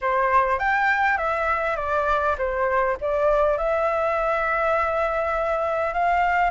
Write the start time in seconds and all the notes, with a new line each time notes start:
0.01 C5
0.58 G5
1.17 E5
1.76 D5
2.38 C5
3.00 D5
3.57 E5
5.93 F5